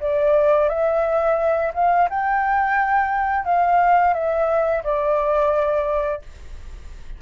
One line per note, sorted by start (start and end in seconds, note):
0.00 0.69 D5
0.69 1.72 E5
1.74 2.08 F5
2.09 3.45 G5
3.45 4.13 F5
4.13 4.82 E5
4.83 6.21 D5